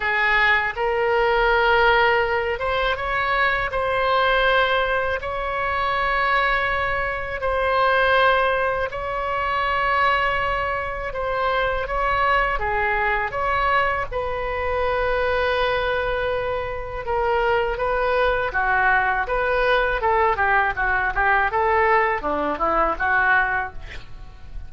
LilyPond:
\new Staff \with { instrumentName = "oboe" } { \time 4/4 \tempo 4 = 81 gis'4 ais'2~ ais'8 c''8 | cis''4 c''2 cis''4~ | cis''2 c''2 | cis''2. c''4 |
cis''4 gis'4 cis''4 b'4~ | b'2. ais'4 | b'4 fis'4 b'4 a'8 g'8 | fis'8 g'8 a'4 d'8 e'8 fis'4 | }